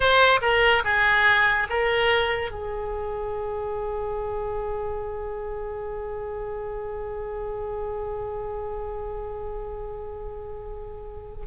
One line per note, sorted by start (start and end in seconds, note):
0.00 0.39 C5
0.41 0.83 A#4
0.84 1.67 G#4
1.69 2.50 A#4
2.50 11.46 G#4